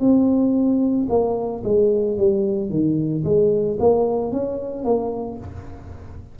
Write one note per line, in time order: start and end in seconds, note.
0.00 1.07 C4
1.09 1.63 A#3
1.64 2.17 G#3
2.17 2.70 G3
2.70 3.24 D#3
3.24 3.78 G#3
3.79 4.32 A#3
4.32 4.85 C#4
4.85 5.38 A#3